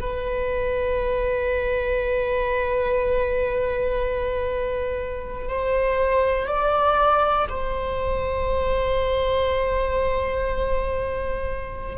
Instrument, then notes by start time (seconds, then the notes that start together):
viola
0.00 B4
5.49 C5
6.47 D5
7.50 C5